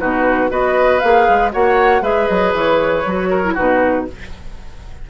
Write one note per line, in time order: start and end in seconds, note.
0.00 0.51 B2
0.00 0.49 D#4
0.00 0.51 F#4
0.00 0.51 B4
0.49 1.02 B3
0.49 1.00 F#4
0.49 1.52 B4
0.49 1.00 D#5
1.00 1.29 A#3
1.00 1.51 G#4
1.00 1.51 F5
1.29 1.54 G#3
1.51 2.02 A#3
1.51 2.01 F#4
1.51 2.02 C#5
1.51 2.03 F#5
2.01 2.27 G#3
2.01 3.03 G#4
2.01 3.30 B4
2.01 2.28 E5
2.28 2.53 F#3
2.28 2.53 D#5
2.53 3.04 E3
2.53 3.57 C#5
3.06 3.57 F#3
3.06 3.44 F#4
3.30 3.54 A#4
3.44 3.57 E4
3.54 4.10 B2
3.54 4.08 D#4
3.54 4.05 F#4
3.54 4.07 B4